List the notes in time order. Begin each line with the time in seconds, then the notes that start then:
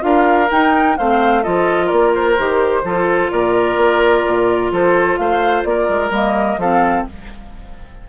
0.00 D4 F4 A#4 F5
0.51 D#4 G5
0.97 A3 C4 C5 F5
1.43 F3 F4 A4 D#5
1.86 A#3 A#4 D5
2.15 C5
2.38 D#3 G4
2.83 F3 F4 A4
3.31 A#2 A#4 D5
3.77 A#3
4.27 A#2
4.71 F3 A4 C5
5.17 A3 C5 F5
5.64 A#3 A#4 D5
5.89 G#3
6.10 G3 A#3 D#5
6.58 F3 C4 A4 F5